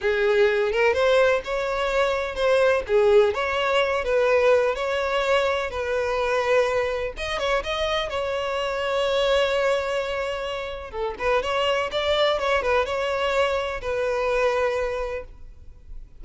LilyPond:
\new Staff \with { instrumentName = "violin" } { \time 4/4 \tempo 4 = 126 gis'4. ais'8 c''4 cis''4~ | cis''4 c''4 gis'4 cis''4~ | cis''8 b'4. cis''2 | b'2. dis''8 cis''8 |
dis''4 cis''2.~ | cis''2. a'8 b'8 | cis''4 d''4 cis''8 b'8 cis''4~ | cis''4 b'2. | }